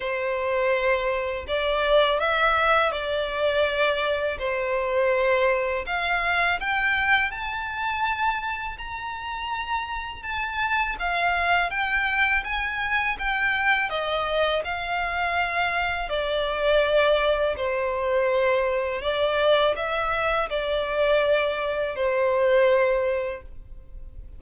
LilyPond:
\new Staff \with { instrumentName = "violin" } { \time 4/4 \tempo 4 = 82 c''2 d''4 e''4 | d''2 c''2 | f''4 g''4 a''2 | ais''2 a''4 f''4 |
g''4 gis''4 g''4 dis''4 | f''2 d''2 | c''2 d''4 e''4 | d''2 c''2 | }